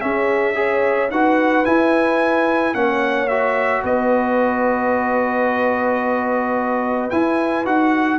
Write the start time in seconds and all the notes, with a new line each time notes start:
0.00 C#4 G#4 E5
0.54 G#4 C#5
1.10 D#4 F#4 B4 F#5
1.64 E4 G#5
2.74 A#3 C#4 C#5 F#5
3.28 F#4 E5
3.83 B3 B4 D#5
7.10 E4 G#5
7.65 D#4 F#4 F#5